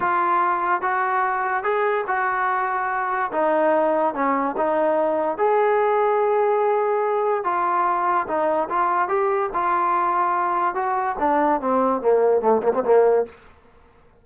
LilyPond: \new Staff \with { instrumentName = "trombone" } { \time 4/4 \tempo 4 = 145 f'2 fis'2 | gis'4 fis'2. | dis'2 cis'4 dis'4~ | dis'4 gis'2.~ |
gis'2 f'2 | dis'4 f'4 g'4 f'4~ | f'2 fis'4 d'4 | c'4 ais4 a8 ais16 c'16 ais4 | }